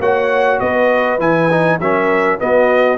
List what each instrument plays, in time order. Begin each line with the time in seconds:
0.00 tuba A#3, trombone F#4, horn C#5, trumpet F#5
0.60 tuba B3, horn B4, trumpet D#5
1.19 tuba E3, trombone E4, trumpet G#5
1.51 trombone D#4
1.79 tuba F#3, trombone C#4, horn A#4, trumpet E5
2.39 trombone B3, tuba B3, horn F#4, trumpet D#5